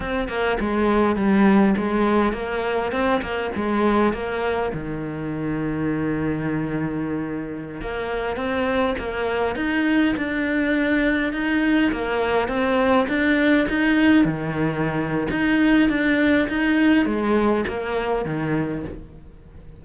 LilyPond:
\new Staff \with { instrumentName = "cello" } { \time 4/4 \tempo 4 = 102 c'8 ais8 gis4 g4 gis4 | ais4 c'8 ais8 gis4 ais4 | dis1~ | dis4~ dis16 ais4 c'4 ais8.~ |
ais16 dis'4 d'2 dis'8.~ | dis'16 ais4 c'4 d'4 dis'8.~ | dis'16 dis4.~ dis16 dis'4 d'4 | dis'4 gis4 ais4 dis4 | }